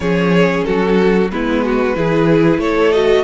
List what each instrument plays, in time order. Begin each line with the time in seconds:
0.00 cello F3, viola C#4, violin G#4 C#5
0.63 cello F#3, violin F#4 A4
1.31 cello G#3, viola B3, violin E4 B4
1.63 violin F#4
1.95 cello E3, viola E4, violin G#4
2.57 cello A3, violin A4 C#5
2.92 viola F#4, violin D#5